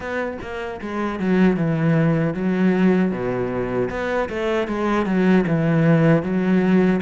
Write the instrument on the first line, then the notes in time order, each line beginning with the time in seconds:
cello
0.00 B3
0.41 A#3
0.81 G#3
1.19 F#3
1.56 E3
2.33 F#3
3.11 B2
3.90 B3
4.29 A3
4.67 G#3
5.05 F#3
5.47 E3
6.22 F#3